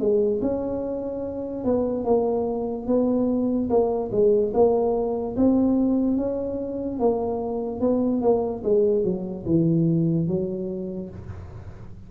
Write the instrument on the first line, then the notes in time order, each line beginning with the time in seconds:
tuba
0.00 G#3
0.42 C#4
1.65 B3
2.05 A#3
2.87 B3
3.70 A#3
4.12 G#3
4.54 A#3
5.37 C4
6.18 C#4
7.00 A#3
7.81 B3
8.22 A#3
8.65 G#3
9.04 F#3
9.46 E3
10.28 F#3